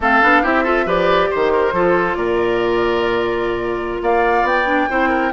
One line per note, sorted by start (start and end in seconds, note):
0.00 0.21 A3
0.00 0.21 C4
0.00 0.42 A4
0.00 0.45 F5
0.21 0.44 B3
0.21 0.43 D4
0.42 0.85 C4
0.42 0.65 E4
0.42 0.63 G4
0.42 0.88 E5
0.63 0.86 F4
0.63 0.85 A4
0.85 1.29 F3
0.85 1.73 G4
0.85 1.29 B4
0.85 1.31 D5
1.30 1.72 D#3
1.30 1.52 C5
1.30 2.14 C5
1.52 1.74 A#4
1.72 2.15 F3
1.72 4.65 F4
1.72 2.17 A4
2.14 4.00 A#2
2.14 4.01 A#4
2.14 3.99 D5
4.02 4.42 A#3
4.02 4.89 D5
4.02 4.46 F5
4.42 4.86 B3
4.42 5.32 G5
4.65 4.87 D4
4.89 5.32 C4
4.89 5.32 E4
4.89 5.09 C5
5.09 5.31 A#4